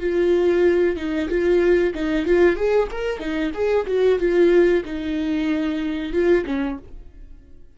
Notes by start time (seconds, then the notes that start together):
0.00 F4
0.97 D#4
1.29 F4
1.95 D#4
2.26 F4
2.56 G#4
2.91 A#4
3.19 D#4
3.54 G#4
3.87 F#4
4.19 F4
4.85 D#4
6.13 F4
6.46 C#4